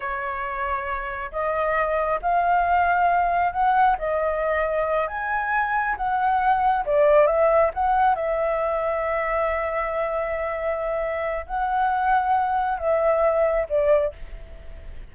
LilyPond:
\new Staff \with { instrumentName = "flute" } { \time 4/4 \tempo 4 = 136 cis''2. dis''4~ | dis''4 f''2. | fis''4 dis''2~ dis''8 gis''8~ | gis''4. fis''2 d''8~ |
d''8 e''4 fis''4 e''4.~ | e''1~ | e''2 fis''2~ | fis''4 e''2 d''4 | }